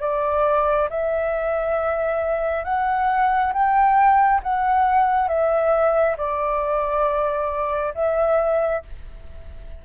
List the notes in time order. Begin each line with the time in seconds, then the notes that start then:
0.00 D5
0.89 E5
2.64 F#5
3.53 G5
4.43 F#5
5.28 E5
6.17 D5
7.95 E5